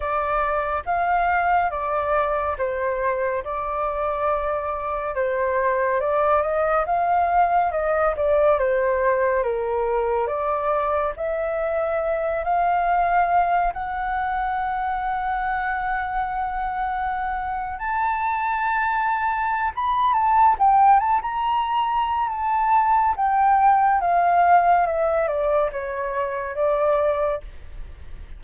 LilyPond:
\new Staff \with { instrumentName = "flute" } { \time 4/4 \tempo 4 = 70 d''4 f''4 d''4 c''4 | d''2 c''4 d''8 dis''8 | f''4 dis''8 d''8 c''4 ais'4 | d''4 e''4. f''4. |
fis''1~ | fis''8. a''2~ a''16 b''8 a''8 | g''8 a''16 ais''4~ ais''16 a''4 g''4 | f''4 e''8 d''8 cis''4 d''4 | }